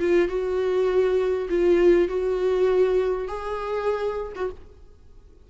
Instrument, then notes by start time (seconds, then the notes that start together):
viola
0.00 F4
0.28 F#4
1.49 F4
2.08 F#4
3.28 G#4
4.36 F#4